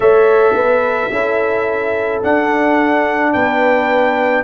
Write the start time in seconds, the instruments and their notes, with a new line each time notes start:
0.00 tuba A3, trombone A4, horn C#5, trumpet E5
0.53 tuba B3, horn B4
1.10 tuba C#4, trombone E4, horn A4
2.22 trombone D4, tuba D4, trumpet F#5
3.32 tuba B3, horn B4, trumpet G5